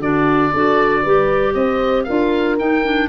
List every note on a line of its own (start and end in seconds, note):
0.00 0.52 D3
0.00 0.53 D4
0.00 0.52 F#4
0.00 1.54 D5
0.52 1.06 D4
0.52 1.05 F#4
0.52 1.02 A4
1.02 1.55 G3
1.02 2.08 G4
1.02 1.54 B4
1.54 2.07 C4
1.54 2.05 C5
1.54 2.04 D#5
2.04 2.60 D4
2.04 2.59 F4
2.04 3.09 A#4
2.04 2.56 F5
2.59 2.84 D#4
2.59 3.09 D#4
2.59 3.09 G5
2.84 3.09 D4